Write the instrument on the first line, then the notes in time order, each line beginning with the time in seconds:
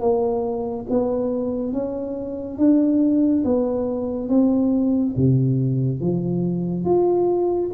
tuba
0.00 A#3
0.90 B3
1.73 C#4
2.58 D4
3.44 B3
4.29 C4
5.16 C3
6.00 F3
6.85 F4